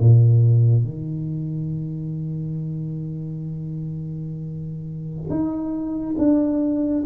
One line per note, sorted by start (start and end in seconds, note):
0.00 0.84 A#2
0.84 5.30 D#3
5.30 6.16 D#4
6.18 7.04 D4